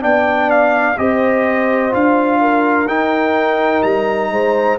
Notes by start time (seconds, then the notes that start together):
0.00 B3 D4 D5 G5
0.50 F5
0.97 C4 G4 C5 D#5
1.91 D4 F4 F5
2.41 A#4
2.86 D#4 G5
3.83 G3 A#5
4.31 G#3 C5